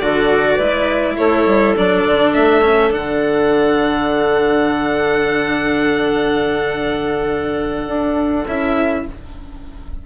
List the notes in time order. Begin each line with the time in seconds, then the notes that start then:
0.00 D3 F#4 A4 D5
0.55 G#3 E4 B4
1.17 A3 A4 C#5
1.47 G3
1.76 F#3 D4 D5
2.06 D3
2.34 A3 E5
2.62 C#4
2.91 D3 D4 F#5
7.88 D4
8.47 C#4 E4 E5